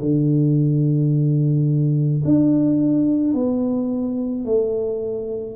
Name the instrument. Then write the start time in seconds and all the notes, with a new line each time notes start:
tuba
0.00 D3
2.25 D4
3.34 B3
4.45 A3